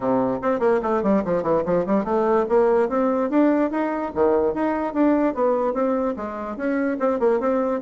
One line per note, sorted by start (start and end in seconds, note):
0.00 0.39 C3
0.41 0.59 C4
0.59 0.80 A#3
0.82 1.02 A3
1.02 1.23 G3
1.24 1.42 F3
1.42 1.63 E3
1.65 1.85 F3
1.86 2.04 G3
2.04 2.45 A3
2.49 2.89 A#3
2.89 3.30 C4
3.30 3.70 D4
3.70 4.11 D#4
4.14 4.54 D#3
4.54 4.93 D#4
4.93 5.34 D4
5.34 5.73 B3
5.73 6.14 C4
6.16 6.56 G#3
6.56 6.97 C#4
6.99 7.19 C4
7.19 7.40 A#3
7.40 7.81 C4